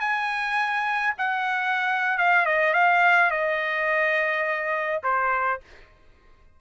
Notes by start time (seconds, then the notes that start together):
0.00 G#5
1.18 F#5
2.18 F5
2.46 D#5
2.74 F5
3.31 D#5
5.04 C5